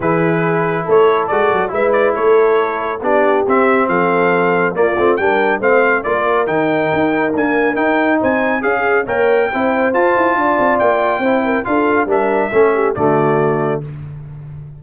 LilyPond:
<<
  \new Staff \with { instrumentName = "trumpet" } { \time 4/4 \tempo 4 = 139 b'2 cis''4 d''4 | e''8 d''8 cis''2 d''4 | e''4 f''2 d''4 | g''4 f''4 d''4 g''4~ |
g''4 gis''4 g''4 gis''4 | f''4 g''2 a''4~ | a''4 g''2 f''4 | e''2 d''2 | }
  \new Staff \with { instrumentName = "horn" } { \time 4/4 gis'2 a'2 | b'4 a'2 g'4~ | g'4 a'2 f'4 | ais'4 c''4 ais'2~ |
ais'2. c''4 | gis'4 cis''4 c''2 | d''2 c''8 ais'8 a'4 | ais'4 a'8 g'8 fis'2 | }
  \new Staff \with { instrumentName = "trombone" } { \time 4/4 e'2. fis'4 | e'2. d'4 | c'2. ais8 c'8 | d'4 c'4 f'4 dis'4~ |
dis'4 ais4 dis'2 | gis'4 ais'4 e'4 f'4~ | f'2 e'4 f'4 | d'4 cis'4 a2 | }
  \new Staff \with { instrumentName = "tuba" } { \time 4/4 e2 a4 gis8 fis8 | gis4 a2 b4 | c'4 f2 ais8 a8 | g4 a4 ais4 dis4 |
dis'4 d'4 dis'4 c'4 | cis'4 ais4 c'4 f'8 e'8 | d'8 c'8 ais4 c'4 d'4 | g4 a4 d2 | }
>>